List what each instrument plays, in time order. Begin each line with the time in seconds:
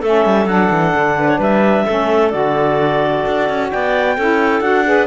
0.00 cello A3, saxophone C#4, clarinet A4 E5
0.25 cello G3
0.45 cello F#3, saxophone D4, clarinet F#5
0.71 cello E3
0.95 cello D3
1.19 clarinet B4
1.29 clarinet C#5
1.38 cello G3, clarinet B4 E5
1.85 cello A3, saxophone C#4, clarinet A4
2.30 cello D3, saxophone F#4, clarinet D5
3.26 cello D4
3.49 cello C#4
3.71 cello B3, clarinet D5 G5
4.16 cello C#4, saxophone E4, clarinet A4
4.61 cello D4, saxophone F#4, clarinet F#5
4.85 saxophone G#4, clarinet B4